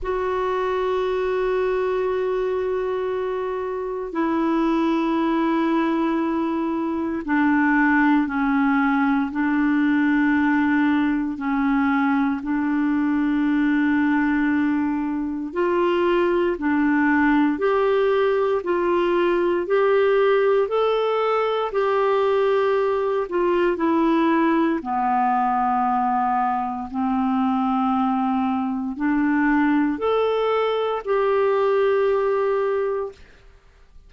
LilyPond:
\new Staff \with { instrumentName = "clarinet" } { \time 4/4 \tempo 4 = 58 fis'1 | e'2. d'4 | cis'4 d'2 cis'4 | d'2. f'4 |
d'4 g'4 f'4 g'4 | a'4 g'4. f'8 e'4 | b2 c'2 | d'4 a'4 g'2 | }